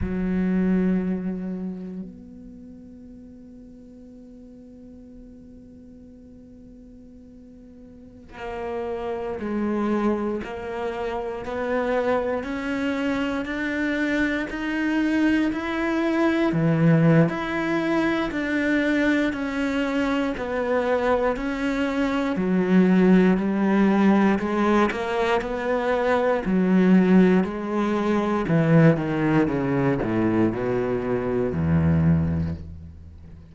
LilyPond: \new Staff \with { instrumentName = "cello" } { \time 4/4 \tempo 4 = 59 fis2 b2~ | b1~ | b16 ais4 gis4 ais4 b8.~ | b16 cis'4 d'4 dis'4 e'8.~ |
e'16 e8. e'4 d'4 cis'4 | b4 cis'4 fis4 g4 | gis8 ais8 b4 fis4 gis4 | e8 dis8 cis8 a,8 b,4 e,4 | }